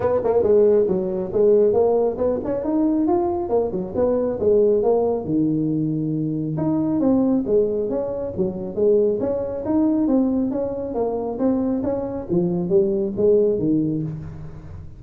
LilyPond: \new Staff \with { instrumentName = "tuba" } { \time 4/4 \tempo 4 = 137 b8 ais8 gis4 fis4 gis4 | ais4 b8 cis'8 dis'4 f'4 | ais8 fis8 b4 gis4 ais4 | dis2. dis'4 |
c'4 gis4 cis'4 fis4 | gis4 cis'4 dis'4 c'4 | cis'4 ais4 c'4 cis'4 | f4 g4 gis4 dis4 | }